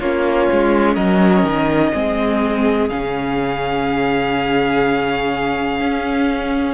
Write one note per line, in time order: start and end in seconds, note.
0.00 0.49 A#3
0.00 1.93 C#4
0.00 0.95 F4
0.00 0.95 C#5
0.52 0.97 G#3
0.95 1.43 F#3
0.95 1.92 A#4
0.95 2.89 D#5
1.43 1.92 D#3
1.93 2.91 G#3
1.93 2.90 C4
1.93 6.74 G#4
2.89 5.80 C#3
2.89 6.74 C#4
2.89 6.74 F5
5.80 6.74 C#4